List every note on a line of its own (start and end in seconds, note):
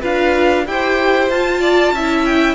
0.00 0.66 D4
0.00 0.65 F4
0.00 0.64 B4
0.00 0.67 F5
0.66 1.29 E4
0.66 1.31 G4
0.66 1.60 C5
0.66 1.30 G5
1.29 1.92 F4
1.29 1.96 F4
1.29 2.25 A5
1.60 1.92 D5
1.92 2.55 C#4
1.92 2.55 E4
1.92 2.55 E5
2.25 2.55 G5